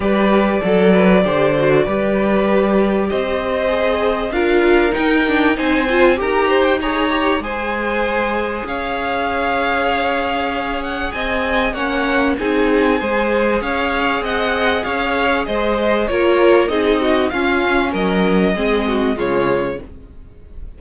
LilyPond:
<<
  \new Staff \with { instrumentName = "violin" } { \time 4/4 \tempo 4 = 97 d''1~ | d''4 dis''2 f''4 | g''4 gis''4 ais''8. g''16 ais''4 | gis''2 f''2~ |
f''4. fis''8 gis''4 fis''4 | gis''2 f''4 fis''4 | f''4 dis''4 cis''4 dis''4 | f''4 dis''2 cis''4 | }
  \new Staff \with { instrumentName = "violin" } { \time 4/4 b'4 a'8 b'8 c''4 b'4~ | b'4 c''2 ais'4~ | ais'4 c''4 ais'8 c''8 cis''4 | c''2 cis''2~ |
cis''2 dis''4 cis''4 | gis'4 c''4 cis''4 dis''4 | cis''4 c''4 ais'4 gis'8 fis'8 | f'4 ais'4 gis'8 fis'8 f'4 | }
  \new Staff \with { instrumentName = "viola" } { \time 4/4 g'4 a'4 g'8 fis'8 g'4~ | g'2 gis'4 f'4 | dis'8 d'8 dis'8 f'8 g'4 gis'8 g'8 | gis'1~ |
gis'2. cis'4 | dis'4 gis'2.~ | gis'2 f'4 dis'4 | cis'2 c'4 gis4 | }
  \new Staff \with { instrumentName = "cello" } { \time 4/4 g4 fis4 d4 g4~ | g4 c'2 d'4 | dis'4 c'4 dis'2 | gis2 cis'2~ |
cis'2 c'4 ais4 | c'4 gis4 cis'4 c'4 | cis'4 gis4 ais4 c'4 | cis'4 fis4 gis4 cis4 | }
>>